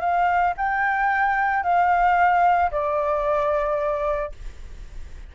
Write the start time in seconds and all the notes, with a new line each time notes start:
0.00 F5
0.57 G5
1.63 F5
2.71 D5